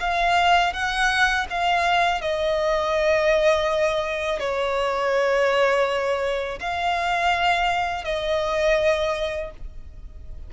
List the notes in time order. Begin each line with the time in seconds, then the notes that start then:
0.00 F5
0.73 F#5
1.50 F5
2.21 D#5
4.40 C#5
6.60 F5
8.05 D#5